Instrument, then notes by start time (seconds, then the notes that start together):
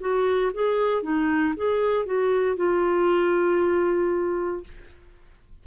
clarinet
0.00 F#4
0.54 G#4
1.03 D#4
1.57 G#4
2.06 F#4
2.57 F4